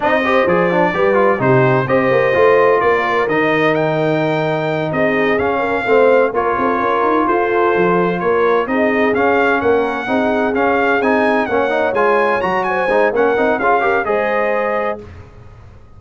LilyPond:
<<
  \new Staff \with { instrumentName = "trumpet" } { \time 4/4 \tempo 4 = 128 dis''4 d''2 c''4 | dis''2 d''4 dis''4 | g''2~ g''8 dis''4 f''8~ | f''4. cis''2 c''8~ |
c''4. cis''4 dis''4 f''8~ | f''8 fis''2 f''4 gis''8~ | gis''8 fis''4 gis''4 ais''8 gis''4 | fis''4 f''4 dis''2 | }
  \new Staff \with { instrumentName = "horn" } { \time 4/4 d''8 c''4. b'4 g'4 | c''2 ais'2~ | ais'2~ ais'8 gis'4. | ais'8 c''4 ais'8 a'8 ais'4 a'8~ |
a'4. ais'4 gis'4.~ | gis'8 ais'4 gis'2~ gis'8~ | gis'8 cis''2~ cis''8 c''4 | ais'4 gis'8 ais'8 c''2 | }
  \new Staff \with { instrumentName = "trombone" } { \time 4/4 dis'8 g'8 gis'8 d'8 g'8 f'8 dis'4 | g'4 f'2 dis'4~ | dis'2.~ dis'8 cis'8~ | cis'8 c'4 f'2~ f'8~ |
f'2~ f'8 dis'4 cis'8~ | cis'4. dis'4 cis'4 dis'8~ | dis'8 cis'8 dis'8 f'4 fis'4 dis'8 | cis'8 dis'8 f'8 g'8 gis'2 | }
  \new Staff \with { instrumentName = "tuba" } { \time 4/4 c'4 f4 g4 c4 | c'8 ais8 a4 ais4 dis4~ | dis2~ dis8 c'4 cis'8~ | cis'8 a4 ais8 c'8 cis'8 dis'8 f'8~ |
f'8 f4 ais4 c'4 cis'8~ | cis'8 ais4 c'4 cis'4 c'8~ | c'8 ais4 gis4 fis4 gis8 | ais8 c'8 cis'4 gis2 | }
>>